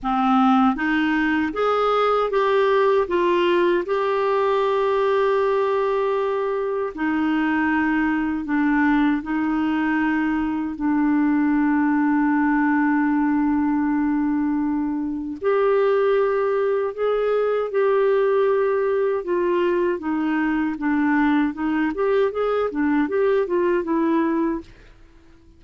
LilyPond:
\new Staff \with { instrumentName = "clarinet" } { \time 4/4 \tempo 4 = 78 c'4 dis'4 gis'4 g'4 | f'4 g'2.~ | g'4 dis'2 d'4 | dis'2 d'2~ |
d'1 | g'2 gis'4 g'4~ | g'4 f'4 dis'4 d'4 | dis'8 g'8 gis'8 d'8 g'8 f'8 e'4 | }